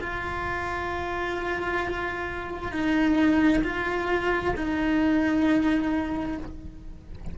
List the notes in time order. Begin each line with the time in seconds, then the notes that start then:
0.00 F4
2.71 D#4
3.63 F4
4.56 D#4